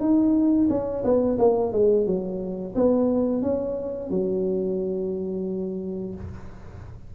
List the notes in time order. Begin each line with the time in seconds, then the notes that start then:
0.00 D#4
0.69 C#4
1.04 B3
1.38 A#3
1.73 G#3
2.06 F#3
2.75 B3
3.42 C#4
4.10 F#3